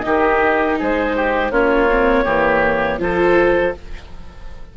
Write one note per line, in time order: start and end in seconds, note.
0.00 0.79 D#3
0.00 1.52 D#4
0.00 0.78 G4
0.00 0.74 D#5
0.78 1.50 G#3
0.78 1.15 G#4
0.78 1.51 C5
1.15 1.51 G4
1.50 2.25 A#3
1.50 1.89 C#4
1.50 2.24 F4
1.50 2.99 C#5
1.90 2.25 C4
2.24 2.99 E3
2.24 2.99 A#3
2.24 2.98 G4
2.99 3.73 F3
2.99 3.73 F4
2.99 3.77 A4
2.99 3.73 C5